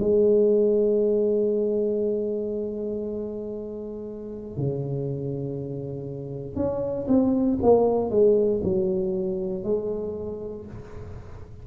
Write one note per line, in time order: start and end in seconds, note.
0.00 4.57 G#3
4.57 6.56 C#3
6.56 7.07 C#4
7.08 7.59 C4
7.62 8.10 A#3
8.10 8.61 G#3
8.63 9.64 F#3
9.64 10.65 G#3